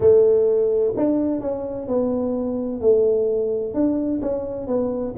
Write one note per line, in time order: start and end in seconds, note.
0.00 0.94 A3
0.96 1.41 D4
1.41 1.87 C#4
1.87 2.80 B3
2.80 3.73 A3
3.73 4.20 D4
4.21 4.67 C#4
4.67 5.14 B3